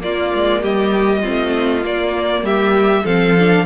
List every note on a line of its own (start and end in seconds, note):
0.00 1.21 A#3
0.00 0.33 A#3
0.00 0.62 F4
0.00 0.64 D5
0.34 0.63 G#3
0.62 1.24 G3
0.62 1.22 G4
0.62 1.85 D#5
1.22 1.82 C4
1.22 2.43 F4
1.29 1.85 A3
1.82 3.04 A#3
1.82 2.42 A#3
1.82 2.46 D5
2.42 3.03 G3
2.42 3.04 G4
2.42 3.06 E5
3.04 3.66 F3
3.04 3.37 C4
3.04 3.65 A4
3.04 3.66 F5
3.39 3.66 D4